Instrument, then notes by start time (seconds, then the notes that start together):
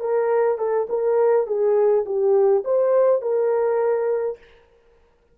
horn
0.00 A#4
0.58 A4
0.89 A#4
1.47 G#4
2.05 G4
2.65 C5
3.21 A#4